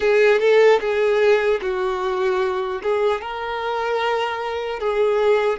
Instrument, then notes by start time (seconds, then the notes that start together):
violin
0.00 G#4
0.39 A4
0.80 G#4
1.61 F#4
2.82 G#4
3.21 A#4
4.79 G#4